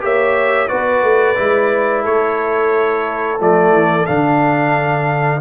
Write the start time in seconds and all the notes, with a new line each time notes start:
0.00 A#3 G4 C#5 E5
0.68 B3 F#4 B4 D5
1.02 A3
1.36 G#3 E4
2.03 A3 A4 C#5
3.40 F3 A3 D5
3.71 E3
4.06 D3 D4 F5